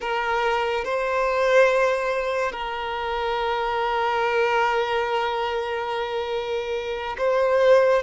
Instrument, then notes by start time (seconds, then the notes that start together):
violin
0.00 A#4
0.84 C5
2.51 A#4
7.18 C5